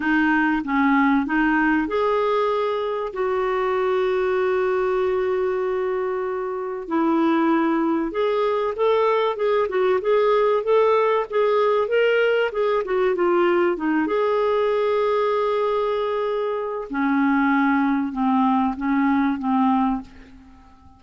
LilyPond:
\new Staff \with { instrumentName = "clarinet" } { \time 4/4 \tempo 4 = 96 dis'4 cis'4 dis'4 gis'4~ | gis'4 fis'2.~ | fis'2. e'4~ | e'4 gis'4 a'4 gis'8 fis'8 |
gis'4 a'4 gis'4 ais'4 | gis'8 fis'8 f'4 dis'8 gis'4.~ | gis'2. cis'4~ | cis'4 c'4 cis'4 c'4 | }